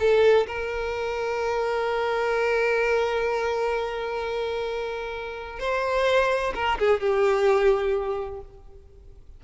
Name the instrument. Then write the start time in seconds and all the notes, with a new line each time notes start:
violin
0.00 A4
0.47 A#4
5.60 C5
6.55 A#4
6.79 G#4
7.00 G4